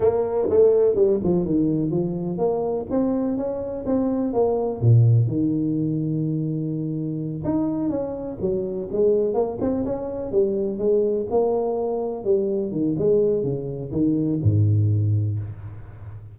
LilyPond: \new Staff \with { instrumentName = "tuba" } { \time 4/4 \tempo 4 = 125 ais4 a4 g8 f8 dis4 | f4 ais4 c'4 cis'4 | c'4 ais4 ais,4 dis4~ | dis2.~ dis8 dis'8~ |
dis'8 cis'4 fis4 gis4 ais8 | c'8 cis'4 g4 gis4 ais8~ | ais4. g4 dis8 gis4 | cis4 dis4 gis,2 | }